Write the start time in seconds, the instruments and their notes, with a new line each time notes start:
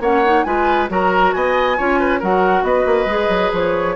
0.00 bassoon A#3, clarinet C#4, oboe C#5, flute F#5
0.25 clarinet D#4
0.43 bassoon G#3, clarinet F4, oboe B4, flute G#5
0.89 bassoon F#3, clarinet F#4, oboe A#4, flute A#5
1.32 bassoon B3, oboe D#5, flute G#5
1.77 bassoon C#4, clarinet F4, oboe C#5
1.99 oboe B4
2.19 bassoon F#3, clarinet F#4, oboe A#4, flute F#5
2.62 bassoon B3, oboe B4, flute D#5
2.86 bassoon A#3
3.05 bassoon G#3, clarinet G#4
3.28 bassoon F#3
3.52 bassoon F3, flute C#5